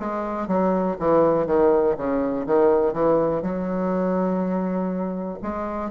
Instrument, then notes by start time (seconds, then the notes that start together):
bassoon
0.00 G#3
0.48 F#3
1.00 E3
1.47 D#3
1.97 C#3
2.47 D#3
2.94 E3
3.42 F#3
5.43 G#3